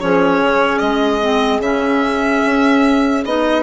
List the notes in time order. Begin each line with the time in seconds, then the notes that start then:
0.00 F3 C#4 G#4 C#5
0.40 C#3
0.79 G#3 D#5
1.21 C4
1.60 C#3 C#4 E5
2.46 C#4
3.25 B3 D#4 D#5